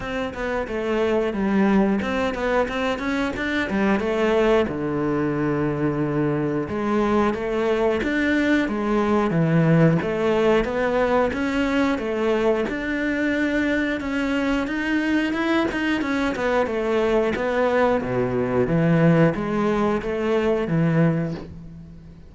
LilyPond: \new Staff \with { instrumentName = "cello" } { \time 4/4 \tempo 4 = 90 c'8 b8 a4 g4 c'8 b8 | c'8 cis'8 d'8 g8 a4 d4~ | d2 gis4 a4 | d'4 gis4 e4 a4 |
b4 cis'4 a4 d'4~ | d'4 cis'4 dis'4 e'8 dis'8 | cis'8 b8 a4 b4 b,4 | e4 gis4 a4 e4 | }